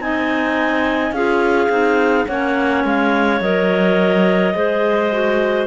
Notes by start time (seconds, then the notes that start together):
0.00 C4 D#4 D#5 G#5
1.12 C#4 F4 G#4 F5
1.69 C4 D#4
2.27 A#3 C#4 C#5 F#5
2.85 G#3 F5
3.41 F#3 A#4 D#5
4.55 G#3 G#4 C5
5.12 F#4